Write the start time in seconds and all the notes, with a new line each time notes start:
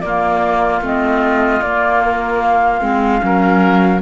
0.00 A#3 F4 D5
0.81 A3 C4 D#5
1.61 A#3 D5
2.03 A#4
2.42 F5
2.80 G#3 C4
3.19 F#3 C#4
3.25 A#4